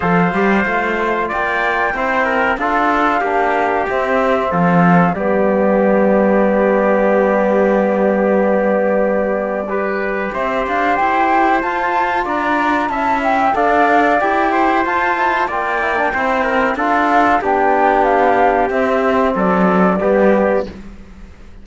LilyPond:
<<
  \new Staff \with { instrumentName = "flute" } { \time 4/4 \tempo 4 = 93 f''2 g''2 | f''2 e''4 f''4 | d''1~ | d''1 |
e''8 f''8 g''4 a''4 ais''4 | a''8 g''8 f''4 g''4 a''4 | g''2 f''4 g''4 | f''4 e''4 d''2 | }
  \new Staff \with { instrumentName = "trumpet" } { \time 4/4 c''2 d''4 c''8 ais'8 | a'4 g'2 a'4 | g'1~ | g'2. b'4 |
c''2. d''4 | e''4 d''4. c''4. | d''4 c''8 ais'8 a'4 g'4~ | g'2 a'4 g'4 | }
  \new Staff \with { instrumentName = "trombone" } { \time 4/4 a'8 g'8 f'2 e'4 | f'4 d'4 c'2 | b1~ | b2. g'4~ |
g'2 f'2 | e'4 a'4 g'4 f'8 e'8 | f'8 e'16 d'16 e'4 f'4 d'4~ | d'4 c'2 b4 | }
  \new Staff \with { instrumentName = "cello" } { \time 4/4 f8 g8 a4 ais4 c'4 | d'4 ais4 c'4 f4 | g1~ | g1 |
c'8 d'8 e'4 f'4 d'4 | cis'4 d'4 e'4 f'4 | ais4 c'4 d'4 b4~ | b4 c'4 fis4 g4 | }
>>